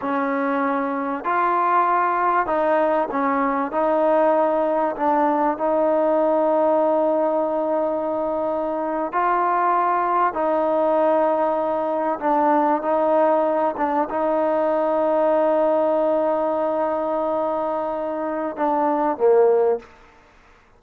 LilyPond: \new Staff \with { instrumentName = "trombone" } { \time 4/4 \tempo 4 = 97 cis'2 f'2 | dis'4 cis'4 dis'2 | d'4 dis'2.~ | dis'2~ dis'8. f'4~ f'16~ |
f'8. dis'2. d'16~ | d'8. dis'4. d'8 dis'4~ dis'16~ | dis'1~ | dis'2 d'4 ais4 | }